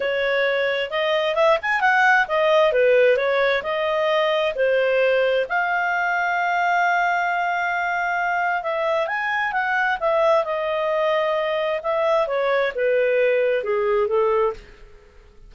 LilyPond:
\new Staff \with { instrumentName = "clarinet" } { \time 4/4 \tempo 4 = 132 cis''2 dis''4 e''8 gis''8 | fis''4 dis''4 b'4 cis''4 | dis''2 c''2 | f''1~ |
f''2. e''4 | gis''4 fis''4 e''4 dis''4~ | dis''2 e''4 cis''4 | b'2 gis'4 a'4 | }